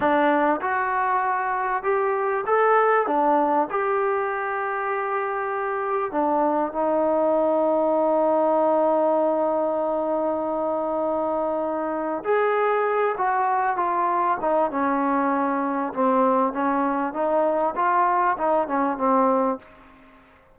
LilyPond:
\new Staff \with { instrumentName = "trombone" } { \time 4/4 \tempo 4 = 98 d'4 fis'2 g'4 | a'4 d'4 g'2~ | g'2 d'4 dis'4~ | dis'1~ |
dis'1 | gis'4. fis'4 f'4 dis'8 | cis'2 c'4 cis'4 | dis'4 f'4 dis'8 cis'8 c'4 | }